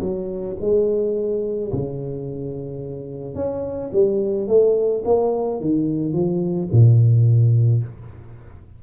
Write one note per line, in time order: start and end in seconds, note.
0.00 0.56 F#3
0.60 1.71 G#3
1.72 3.35 C#3
3.35 3.90 C#4
3.92 4.47 G3
4.47 5.03 A3
5.04 5.60 A#3
5.60 6.12 D#3
6.12 6.68 F3
6.72 7.83 A#2